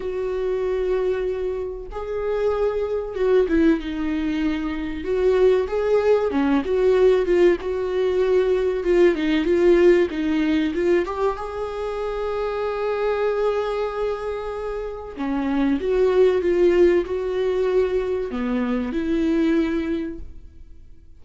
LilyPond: \new Staff \with { instrumentName = "viola" } { \time 4/4 \tempo 4 = 95 fis'2. gis'4~ | gis'4 fis'8 e'8 dis'2 | fis'4 gis'4 cis'8 fis'4 f'8 | fis'2 f'8 dis'8 f'4 |
dis'4 f'8 g'8 gis'2~ | gis'1 | cis'4 fis'4 f'4 fis'4~ | fis'4 b4 e'2 | }